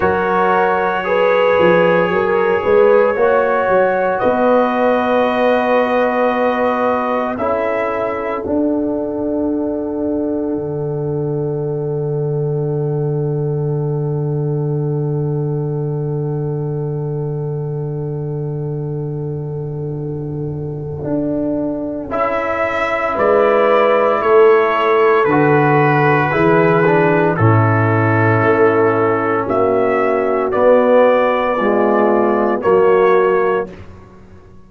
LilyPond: <<
  \new Staff \with { instrumentName = "trumpet" } { \time 4/4 \tempo 4 = 57 cis''1 | dis''2. e''4 | fis''1~ | fis''1~ |
fis''1~ | fis''4 e''4 d''4 cis''4 | b'2 a'2 | e''4 d''2 cis''4 | }
  \new Staff \with { instrumentName = "horn" } { \time 4/4 ais'4 b'4 ais'8 b'8 cis''4 | b'2. a'4~ | a'1~ | a'1~ |
a'1~ | a'2 b'4 a'4~ | a'4 gis'4 e'2 | fis'2 f'4 fis'4 | }
  \new Staff \with { instrumentName = "trombone" } { \time 4/4 fis'4 gis'2 fis'4~ | fis'2. e'4 | d'1~ | d'1~ |
d'1~ | d'4 e'2. | fis'4 e'8 d'8 cis'2~ | cis'4 b4 gis4 ais4 | }
  \new Staff \with { instrumentName = "tuba" } { \time 4/4 fis4. f8 fis8 gis8 ais8 fis8 | b2. cis'4 | d'2 d2~ | d1~ |
d1 | d'4 cis'4 gis4 a4 | d4 e4 a,4 a4 | ais4 b2 fis4 | }
>>